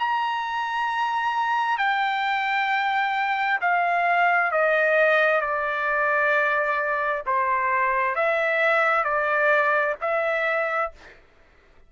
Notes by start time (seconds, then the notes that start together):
0.00 A#5
1.78 G5
3.62 F5
4.52 D#5
5.41 D5
7.26 C5
8.16 E5
9.05 D5
10.01 E5